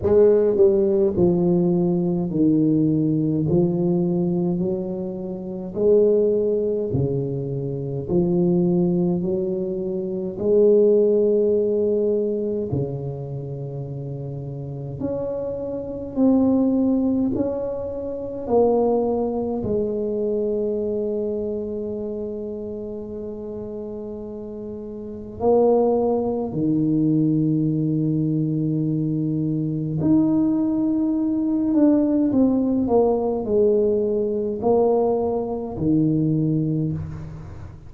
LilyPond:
\new Staff \with { instrumentName = "tuba" } { \time 4/4 \tempo 4 = 52 gis8 g8 f4 dis4 f4 | fis4 gis4 cis4 f4 | fis4 gis2 cis4~ | cis4 cis'4 c'4 cis'4 |
ais4 gis2.~ | gis2 ais4 dis4~ | dis2 dis'4. d'8 | c'8 ais8 gis4 ais4 dis4 | }